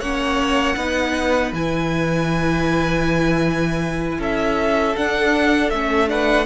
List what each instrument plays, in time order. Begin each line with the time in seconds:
0.00 cello A#3, viola C#4, violin C#5 F#5
0.77 cello B3, viola D#4, violin B4
1.53 cello E3, viola E4, violin G#5
4.19 cello C#4, violin A4 E5
4.96 viola D4, cello D4, violin F#5
5.71 cello A3, viola C#4, violin E5
6.08 viola D4, violin B4 F#5